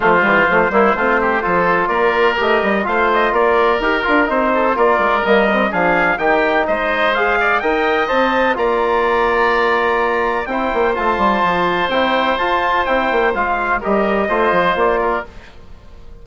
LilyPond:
<<
  \new Staff \with { instrumentName = "trumpet" } { \time 4/4 \tempo 4 = 126 c''1 | d''4 dis''4 f''8 dis''8 d''4 | ais'4 c''4 d''4 dis''4 | f''4 g''4 dis''4 f''4 |
g''4 a''4 ais''2~ | ais''2 g''4 a''4~ | a''4 g''4 a''4 g''4 | f''4 dis''2 d''4 | }
  \new Staff \with { instrumentName = "oboe" } { \time 4/4 f'4. e'8 f'8 g'8 a'4 | ais'2 c''4 ais'4~ | ais'4. a'8 ais'2 | gis'4 g'4 c''4. d''8 |
dis''2 d''2~ | d''2 c''2~ | c''1~ | c''4 ais'4 c''4. ais'8 | }
  \new Staff \with { instrumentName = "trombone" } { \time 4/4 a8 g8 a8 ais8 c'4 f'4~ | f'4 g'4 f'2 | g'8 f'8 dis'4 f'4 ais8 c'8 | d'4 dis'2 gis'4 |
ais'4 c''4 f'2~ | f'2 e'4 f'4~ | f'4 e'4 f'4 e'4 | f'4 g'4 f'2 | }
  \new Staff \with { instrumentName = "bassoon" } { \time 4/4 f8 e8 f8 g8 a4 f4 | ais4 a8 g8 a4 ais4 | dis'8 d'8 c'4 ais8 gis8 g4 | f4 dis4 gis2 |
dis'4 c'4 ais2~ | ais2 c'8 ais8 a8 g8 | f4 c'4 f'4 c'8 ais8 | gis4 g4 a8 f8 ais4 | }
>>